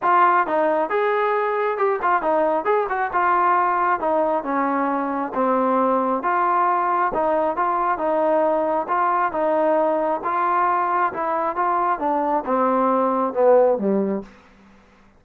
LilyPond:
\new Staff \with { instrumentName = "trombone" } { \time 4/4 \tempo 4 = 135 f'4 dis'4 gis'2 | g'8 f'8 dis'4 gis'8 fis'8 f'4~ | f'4 dis'4 cis'2 | c'2 f'2 |
dis'4 f'4 dis'2 | f'4 dis'2 f'4~ | f'4 e'4 f'4 d'4 | c'2 b4 g4 | }